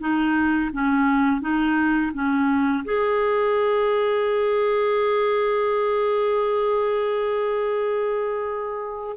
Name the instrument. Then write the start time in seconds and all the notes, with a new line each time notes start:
clarinet
0.00 D#4
0.72 C#4
1.41 D#4
2.13 C#4
2.84 G#4